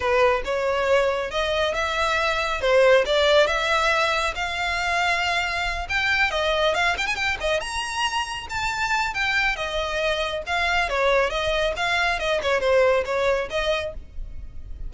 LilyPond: \new Staff \with { instrumentName = "violin" } { \time 4/4 \tempo 4 = 138 b'4 cis''2 dis''4 | e''2 c''4 d''4 | e''2 f''2~ | f''4. g''4 dis''4 f''8 |
g''16 gis''16 g''8 dis''8 ais''2 a''8~ | a''4 g''4 dis''2 | f''4 cis''4 dis''4 f''4 | dis''8 cis''8 c''4 cis''4 dis''4 | }